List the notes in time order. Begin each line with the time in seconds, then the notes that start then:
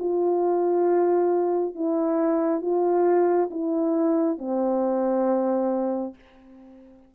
0.00 F4
1.75 E4
2.62 F4
3.51 E4
4.38 C4